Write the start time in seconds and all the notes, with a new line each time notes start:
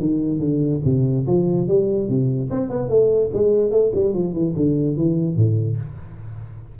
0.00 D#3
0.40 D3
0.85 C3
1.27 F3
1.68 G3
2.09 C3
2.51 C4
2.70 B3
2.89 A3
3.33 G#3
3.71 A3
3.95 G3
4.14 F3
4.33 E3
4.56 D3
4.97 E3
5.36 A2